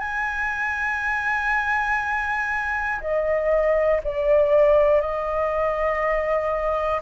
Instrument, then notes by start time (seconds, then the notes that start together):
flute
0.00 G#5
3.00 D#5
4.04 D5
5.01 D#5